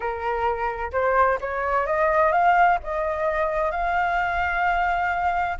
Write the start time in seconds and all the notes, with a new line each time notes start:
0.00 A#4
0.92 C5
1.41 C#5
1.86 D#5
2.32 F5
2.83 D#5
3.71 F5